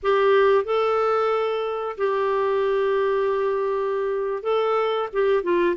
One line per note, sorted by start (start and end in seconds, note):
0.02 0.64 G4
0.64 1.96 A4
1.97 4.42 G4
4.42 5.08 A4
5.12 5.43 G4
5.43 5.76 F4